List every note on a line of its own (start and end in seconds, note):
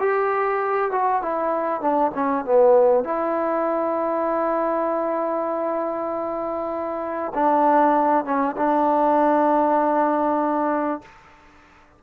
0.00 0.92 G4
0.92 1.22 F#4
1.22 1.82 E4
1.82 2.12 D4
2.15 2.45 C#4
2.45 3.04 B3
3.04 7.33 E4
7.35 8.25 D4
8.25 8.56 C#4
8.57 11.02 D4